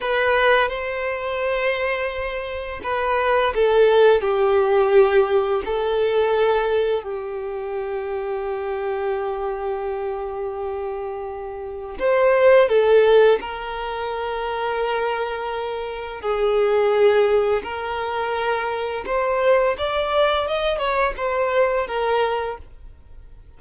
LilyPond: \new Staff \with { instrumentName = "violin" } { \time 4/4 \tempo 4 = 85 b'4 c''2. | b'4 a'4 g'2 | a'2 g'2~ | g'1~ |
g'4 c''4 a'4 ais'4~ | ais'2. gis'4~ | gis'4 ais'2 c''4 | d''4 dis''8 cis''8 c''4 ais'4 | }